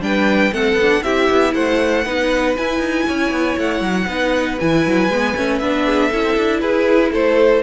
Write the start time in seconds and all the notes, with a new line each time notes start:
0.00 G3 D4 B4 G5
0.53 A3 C4 A4 F#5
0.74 B3
0.81 D4
1.03 C4 E4 G4 E5
1.29 B3
1.54 A3 C5 F#5
2.04 B3 D#4 B4
2.56 E4 G#5
2.79 D#4
3.07 C#4 C#5
3.31 B3
3.57 A3 F#5
3.81 F#3
4.07 B3 D#4 B4
4.59 E3 E4 G#5
4.86 F#3
5.08 G#3 B3
5.36 A3 C#4
5.58 B3 D4 E5
5.85 G#4
6.08 C#4 E4 A4
6.23 C4
6.37 D4
6.60 E4 G#4 B4
7.11 A3 A4 C5